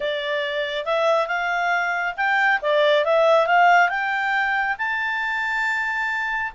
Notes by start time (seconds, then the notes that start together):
0.00 D5
0.85 E5
1.27 F5
2.16 G5
2.61 D5
3.05 E5
3.46 F5
3.89 G5
4.78 A5